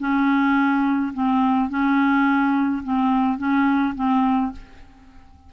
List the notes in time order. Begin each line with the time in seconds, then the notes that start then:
0.00 C#4
1.14 C4
1.70 C#4
2.84 C4
3.38 C#4
3.96 C4